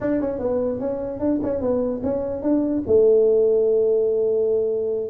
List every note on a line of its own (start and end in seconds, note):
0.00 0.20 D4
0.20 0.39 C#4
0.39 0.79 B3
0.79 1.19 C#4
1.19 1.40 D4
1.43 1.60 C#4
1.60 2.01 B3
2.03 2.42 C#4
2.42 2.83 D4
2.86 5.09 A3